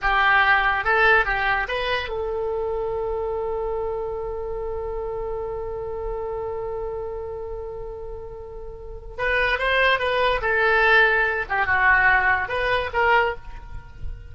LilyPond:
\new Staff \with { instrumentName = "oboe" } { \time 4/4 \tempo 4 = 144 g'2 a'4 g'4 | b'4 a'2.~ | a'1~ | a'1~ |
a'1~ | a'2 b'4 c''4 | b'4 a'2~ a'8 g'8 | fis'2 b'4 ais'4 | }